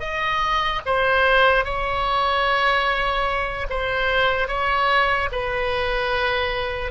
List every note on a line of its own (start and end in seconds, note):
0.00 0.81 D#5
0.86 1.64 C5
1.64 3.67 C#5
3.70 4.48 C5
4.48 5.29 C#5
5.32 6.91 B4